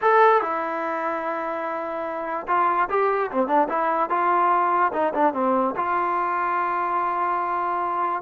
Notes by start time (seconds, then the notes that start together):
0.01 A4
0.41 E4
2.47 F4
2.89 G4
3.31 C4
3.47 D4
3.69 E4
4.09 F4
4.92 D#4
5.14 D4
5.33 C4
5.76 F4